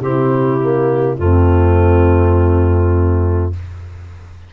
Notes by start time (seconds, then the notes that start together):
0.00 C3 C4 E4 G4
0.60 A#3
1.17 F2 A3 C4 F4